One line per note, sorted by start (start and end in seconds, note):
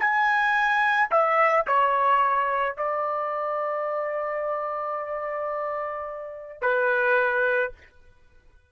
0.00 1.10 G#5
1.11 1.66 E5
1.67 2.77 C#5
2.77 6.62 D5
6.62 7.72 B4